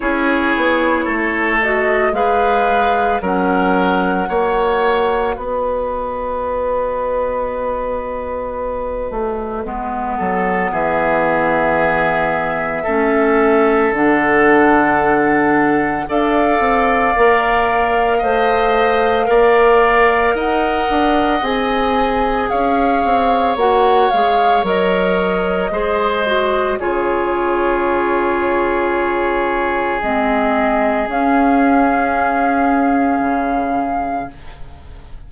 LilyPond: <<
  \new Staff \with { instrumentName = "flute" } { \time 4/4 \tempo 4 = 56 cis''4. dis''8 f''4 fis''4~ | fis''4 dis''2.~ | dis''2 e''2~ | e''4 fis''2 f''4~ |
f''2. fis''4 | gis''4 f''4 fis''8 f''8 dis''4~ | dis''4 cis''2. | dis''4 f''2. | }
  \new Staff \with { instrumentName = "oboe" } { \time 4/4 gis'4 a'4 b'4 ais'4 | cis''4 b'2.~ | b'4. a'8 gis'2 | a'2. d''4~ |
d''4 dis''4 d''4 dis''4~ | dis''4 cis''2. | c''4 gis'2.~ | gis'1 | }
  \new Staff \with { instrumentName = "clarinet" } { \time 4/4 e'4. fis'8 gis'4 cis'4 | fis'1~ | fis'4 b2. | cis'4 d'2 a'4 |
ais'4 c''4 ais'2 | gis'2 fis'8 gis'8 ais'4 | gis'8 fis'8 f'2. | c'4 cis'2. | }
  \new Staff \with { instrumentName = "bassoon" } { \time 4/4 cis'8 b8 a4 gis4 fis4 | ais4 b2.~ | b8 a8 gis8 fis8 e2 | a4 d2 d'8 c'8 |
ais4 a4 ais4 dis'8 d'8 | c'4 cis'8 c'8 ais8 gis8 fis4 | gis4 cis2. | gis4 cis'2 cis4 | }
>>